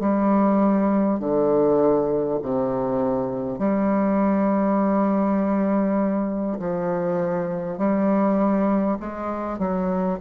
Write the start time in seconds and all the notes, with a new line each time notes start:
0.00 G3
1.19 D3
2.42 C3
3.58 G3
6.59 F3
7.78 G3
9.00 G#3
9.58 F#3